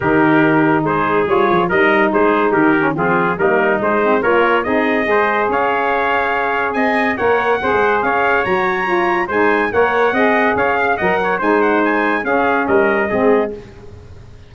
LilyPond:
<<
  \new Staff \with { instrumentName = "trumpet" } { \time 4/4 \tempo 4 = 142 ais'2 c''4 cis''4 | dis''4 c''4 ais'4 gis'4 | ais'4 c''4 cis''4 dis''4~ | dis''4 f''2. |
gis''4 fis''2 f''4 | ais''2 gis''4 fis''4~ | fis''4 f''4 fis''4 gis''8 fis''8 | gis''4 f''4 dis''2 | }
  \new Staff \with { instrumentName = "trumpet" } { \time 4/4 g'2 gis'2 | ais'4 gis'4 g'4 f'4 | dis'2 ais'4 gis'4 | c''4 cis''2. |
dis''4 cis''4 c''4 cis''4~ | cis''2 c''4 cis''4 | dis''4 cis''8 f''8 dis''8 cis''8 c''4~ | c''4 gis'4 ais'4 gis'4 | }
  \new Staff \with { instrumentName = "saxophone" } { \time 4/4 dis'2. f'4 | dis'2~ dis'8 cis'8 c'4 | ais4 gis8 c'8 f'4 dis'4 | gis'1~ |
gis'4 ais'4 gis'2 | fis'4 f'4 dis'4 ais'4 | gis'2 ais'4 dis'4~ | dis'4 cis'2 c'4 | }
  \new Staff \with { instrumentName = "tuba" } { \time 4/4 dis2 gis4 g8 f8 | g4 gis4 dis4 f4 | g4 gis4 ais4 c'4 | gis4 cis'2. |
c'4 ais4 c'16 gis8. cis'4 | fis2 gis4 ais4 | c'4 cis'4 fis4 gis4~ | gis4 cis'4 g4 gis4 | }
>>